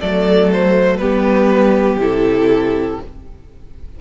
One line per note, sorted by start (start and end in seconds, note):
0.00 0.99 F#3
0.00 1.01 A3
0.00 1.00 A4
0.00 0.50 D5
0.53 0.97 C5
0.97 1.97 G3
0.97 2.00 B3
0.97 3.00 G4
0.97 1.97 B4
1.97 2.97 C3
1.97 3.00 E4
1.97 3.01 A4